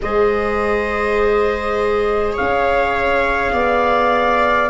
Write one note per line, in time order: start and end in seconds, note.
0.01 2.36 G#3
0.01 4.69 G#4
0.01 2.33 C5
0.01 2.37 D#5
2.33 3.50 C#5
2.33 4.69 F5
2.39 3.52 C#4
3.52 4.69 B3
3.52 4.69 D5